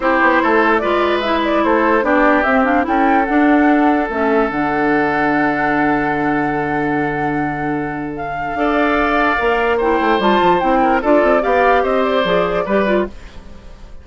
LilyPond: <<
  \new Staff \with { instrumentName = "flute" } { \time 4/4 \tempo 4 = 147 c''2 d''4 e''8 d''8 | c''4 d''4 e''8 f''8 g''4 | fis''2 e''4 fis''4~ | fis''1~ |
fis''1 | f''1 | g''4 a''4 g''4 d''4 | f''4 dis''8 d''2~ d''8 | }
  \new Staff \with { instrumentName = "oboe" } { \time 4/4 g'4 a'4 b'2 | a'4 g'2 a'4~ | a'1~ | a'1~ |
a'1~ | a'4 d''2. | c''2~ c''8 ais'8 a'4 | d''4 c''2 b'4 | }
  \new Staff \with { instrumentName = "clarinet" } { \time 4/4 e'2 f'4 e'4~ | e'4 d'4 c'8 d'8 e'4 | d'2 cis'4 d'4~ | d'1~ |
d'1~ | d'4 a'2 ais'4 | e'4 f'4 e'4 f'4 | g'2 gis'4 g'8 f'8 | }
  \new Staff \with { instrumentName = "bassoon" } { \time 4/4 c'8 b8 a4 gis2 | a4 b4 c'4 cis'4 | d'2 a4 d4~ | d1~ |
d1~ | d4 d'2 ais4~ | ais8 a8 g8 f8 c'4 d'8 c'8 | b4 c'4 f4 g4 | }
>>